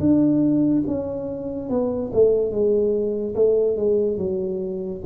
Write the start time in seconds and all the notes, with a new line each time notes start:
0.00 D4
0.87 C#4
1.70 B3
2.14 A3
2.52 G#3
3.36 A3
3.77 G#3
4.18 F#3